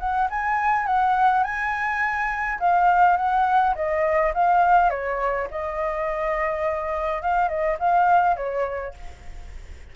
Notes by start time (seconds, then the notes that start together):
0.00 F#5
0.30 G#5
0.87 F#5
1.44 G#5
2.60 F5
3.17 F#5
3.76 D#5
4.34 F5
4.91 C#5
5.51 D#5
7.22 F5
7.49 D#5
7.80 F5
8.37 C#5